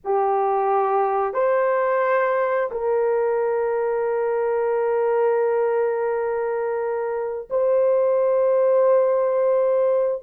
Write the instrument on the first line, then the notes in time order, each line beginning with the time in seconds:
horn
0.04 G4
1.33 C5
2.71 A#4
7.50 C5